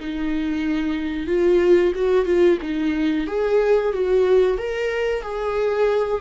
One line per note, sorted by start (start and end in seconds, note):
0.00 1.27 D#4
1.27 1.93 F4
1.95 2.25 F#4
2.25 2.58 F4
2.62 3.27 D#4
3.27 3.93 G#4
3.93 4.58 F#4
4.58 5.22 A#4
5.22 6.21 G#4